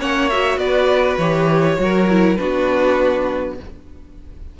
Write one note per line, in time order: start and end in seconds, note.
0.00 0.58 A#3
0.00 0.30 C#4
0.00 0.60 C#5
0.00 0.30 F#5
0.30 1.21 F#4
0.30 0.59 E5
0.58 1.17 B3
0.58 1.78 B4
0.58 1.18 D5
1.18 1.78 E3
1.18 1.77 G4
1.18 2.36 C#5
1.77 2.38 F#3
1.77 2.06 F#4
1.83 2.40 A#4
2.10 2.38 E4
2.36 3.60 B3
2.36 3.57 D4
2.36 3.59 F#4
2.36 3.55 B4